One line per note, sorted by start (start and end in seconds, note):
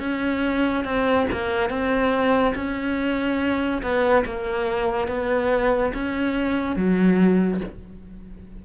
0.00 0.85 C#4
0.85 1.27 C4
1.32 1.70 A#3
1.70 2.54 C4
2.55 3.82 C#4
3.83 4.25 B3
4.26 5.08 A#3
5.08 5.92 B3
5.94 6.76 C#4
6.76 7.61 F#3